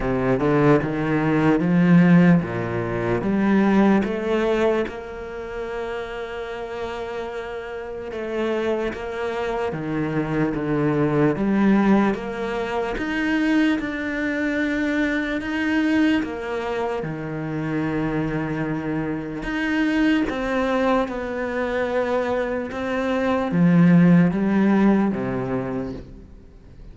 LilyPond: \new Staff \with { instrumentName = "cello" } { \time 4/4 \tempo 4 = 74 c8 d8 dis4 f4 ais,4 | g4 a4 ais2~ | ais2 a4 ais4 | dis4 d4 g4 ais4 |
dis'4 d'2 dis'4 | ais4 dis2. | dis'4 c'4 b2 | c'4 f4 g4 c4 | }